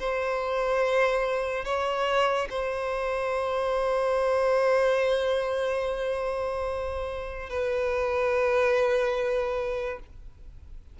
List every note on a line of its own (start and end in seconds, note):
0.00 1.65 C5
1.65 2.48 C#5
2.50 7.50 C5
7.50 10.00 B4